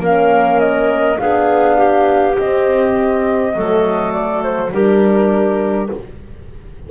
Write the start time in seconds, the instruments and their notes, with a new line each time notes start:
0.00 double bass A#3, horn C#4, clarinet A#4, flute F5
0.60 flute D#5
1.17 double bass B3, horn D4, clarinet G#4, flute F5
1.77 clarinet G4
2.39 double bass C4, horn C4, flute D#5
3.54 double bass F#3, horn A3, clarinet A4
4.13 flute D5
4.43 flute C5
4.72 double bass G3, horn D4, clarinet G4, flute A#4